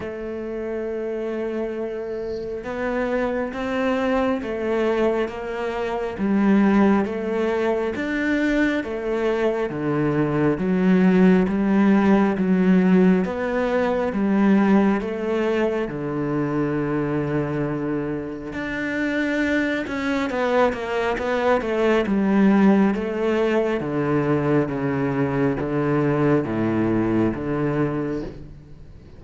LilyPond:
\new Staff \with { instrumentName = "cello" } { \time 4/4 \tempo 4 = 68 a2. b4 | c'4 a4 ais4 g4 | a4 d'4 a4 d4 | fis4 g4 fis4 b4 |
g4 a4 d2~ | d4 d'4. cis'8 b8 ais8 | b8 a8 g4 a4 d4 | cis4 d4 a,4 d4 | }